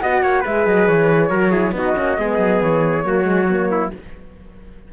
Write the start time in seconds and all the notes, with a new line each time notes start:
0.00 B3 F#4 D#5 F#5
0.23 A#3 C#5
0.41 G#3 G#4 B4 E5
0.67 F#3 D#5
0.88 E3 C#5
1.30 F#3 F#4 A#4
1.51 E4 G#4
1.72 B3 D#4 F#4 D#5
1.95 A#3 C#4
2.18 G#3 B3 G#4
2.39 F#3
2.62 E3 C#5
3.04 F#3 A#3 F#4
3.23 G#3
3.50 A#3
3.71 E4